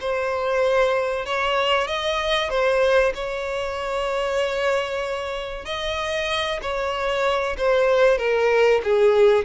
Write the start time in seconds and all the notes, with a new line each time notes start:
0.00 C5
1.25 C#5
1.87 D#5
2.49 C5
3.14 C#5
5.65 D#5
6.62 C#5
7.58 C5
8.18 A#4
8.83 G#4